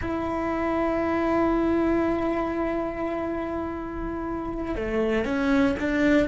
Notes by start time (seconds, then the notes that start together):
0.01 E4
4.75 A3
5.24 C#4
5.79 D4